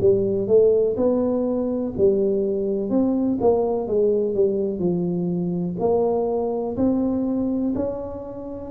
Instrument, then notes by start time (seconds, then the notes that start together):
tuba
0.00 G3
0.48 A3
0.96 B3
1.97 G3
2.90 C4
3.40 A#3
3.87 G#3
4.35 G3
4.79 F3
5.79 A#3
6.77 C4
7.75 C#4